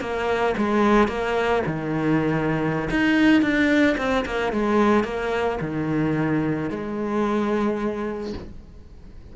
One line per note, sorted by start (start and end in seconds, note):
0.00 0.55 A#3
0.57 1.08 G#3
1.08 1.62 A#3
1.66 2.89 D#3
2.90 3.42 D#4
3.42 3.96 D4
3.97 4.24 C4
4.25 4.52 A#3
4.52 5.04 G#3
5.04 5.58 A#3
5.61 6.70 D#3
6.70 8.33 G#3